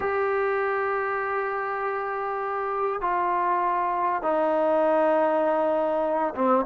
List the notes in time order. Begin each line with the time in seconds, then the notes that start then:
0.00 G4
3.01 F4
4.22 D#4
6.35 C4